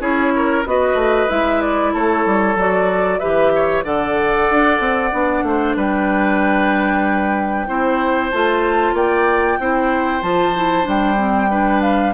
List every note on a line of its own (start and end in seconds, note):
0.00 0.64 C#4
0.00 0.64 E4
0.00 0.33 G#4
0.00 0.65 C#5
0.35 0.67 A#4
0.66 0.94 B3
0.66 1.28 F#4
0.66 1.93 B4
0.66 1.29 D#5
0.94 1.26 A3
1.28 1.94 G#3
1.28 2.55 E4
1.28 1.61 E5
1.61 1.93 D5
1.93 2.26 A3
1.93 3.20 A4
1.93 2.58 C#5
2.26 2.55 G3
2.55 3.19 F#3
2.55 3.20 F#4
2.55 3.19 D5
3.19 3.84 E3
3.19 3.84 G4
3.19 3.51 B4
3.19 3.83 E5
3.55 3.84 C#5
3.84 4.48 D3
3.84 5.12 A4
3.84 5.44 D5
3.84 5.76 F#5
4.50 4.80 D4
4.80 5.11 C4
5.12 5.43 B3
5.12 7.68 D4
5.43 5.75 A3
5.43 5.76 C5
5.76 7.67 G3
5.76 7.68 B4
5.76 8.31 G5
7.68 8.32 C4
7.68 8.31 E4
7.68 8.94 C5
8.31 8.93 A3
8.31 9.60 F4
8.31 8.95 A5
8.93 9.57 A#3
8.93 9.58 D5
8.93 10.22 G5
9.60 10.22 C4
9.60 10.22 E4
9.60 11.50 C5
10.22 10.86 F3
10.22 10.53 F4
10.22 10.86 A5
10.56 10.83 E4
10.83 12.14 G3
10.83 11.15 D4
10.83 11.81 G5
11.17 11.49 C4
11.50 12.14 D4
11.50 12.14 B4
11.81 12.13 F5